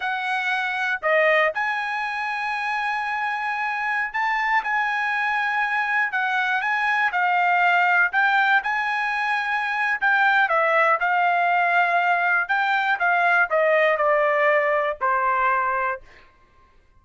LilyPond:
\new Staff \with { instrumentName = "trumpet" } { \time 4/4 \tempo 4 = 120 fis''2 dis''4 gis''4~ | gis''1~ | gis''16 a''4 gis''2~ gis''8.~ | gis''16 fis''4 gis''4 f''4.~ f''16~ |
f''16 g''4 gis''2~ gis''8. | g''4 e''4 f''2~ | f''4 g''4 f''4 dis''4 | d''2 c''2 | }